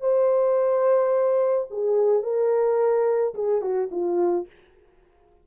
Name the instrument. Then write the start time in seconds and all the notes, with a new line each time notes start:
horn
0.00 C5
1.70 G#4
2.23 A#4
3.34 G#4
3.61 F#4
3.91 F4